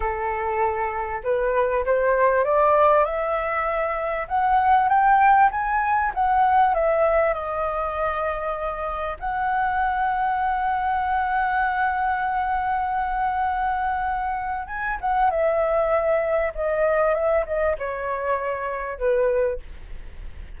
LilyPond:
\new Staff \with { instrumentName = "flute" } { \time 4/4 \tempo 4 = 98 a'2 b'4 c''4 | d''4 e''2 fis''4 | g''4 gis''4 fis''4 e''4 | dis''2. fis''4~ |
fis''1~ | fis''1 | gis''8 fis''8 e''2 dis''4 | e''8 dis''8 cis''2 b'4 | }